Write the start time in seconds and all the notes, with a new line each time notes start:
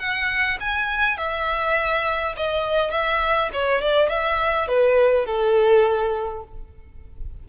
0.00 F#5
0.61 G#5
1.18 E5
2.37 D#5
2.91 E5
3.54 C#5
3.82 D5
4.10 E5
4.68 B4
5.26 A4